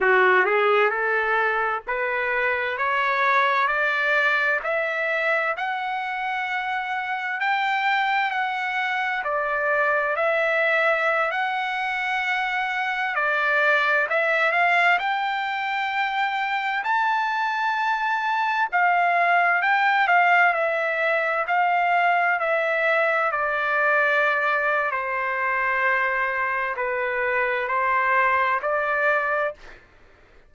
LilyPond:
\new Staff \with { instrumentName = "trumpet" } { \time 4/4 \tempo 4 = 65 fis'8 gis'8 a'4 b'4 cis''4 | d''4 e''4 fis''2 | g''4 fis''4 d''4 e''4~ | e''16 fis''2 d''4 e''8 f''16~ |
f''16 g''2 a''4.~ a''16~ | a''16 f''4 g''8 f''8 e''4 f''8.~ | f''16 e''4 d''4.~ d''16 c''4~ | c''4 b'4 c''4 d''4 | }